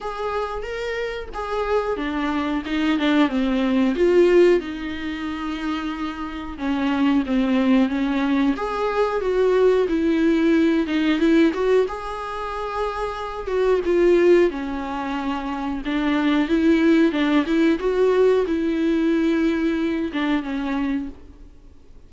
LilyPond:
\new Staff \with { instrumentName = "viola" } { \time 4/4 \tempo 4 = 91 gis'4 ais'4 gis'4 d'4 | dis'8 d'8 c'4 f'4 dis'4~ | dis'2 cis'4 c'4 | cis'4 gis'4 fis'4 e'4~ |
e'8 dis'8 e'8 fis'8 gis'2~ | gis'8 fis'8 f'4 cis'2 | d'4 e'4 d'8 e'8 fis'4 | e'2~ e'8 d'8 cis'4 | }